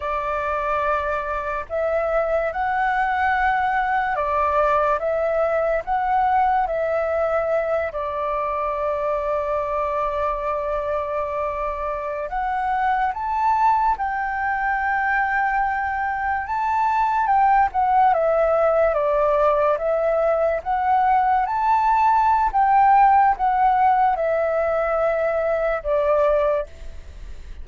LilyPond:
\new Staff \with { instrumentName = "flute" } { \time 4/4 \tempo 4 = 72 d''2 e''4 fis''4~ | fis''4 d''4 e''4 fis''4 | e''4. d''2~ d''8~ | d''2~ d''8. fis''4 a''16~ |
a''8. g''2. a''16~ | a''8. g''8 fis''8 e''4 d''4 e''16~ | e''8. fis''4 a''4~ a''16 g''4 | fis''4 e''2 d''4 | }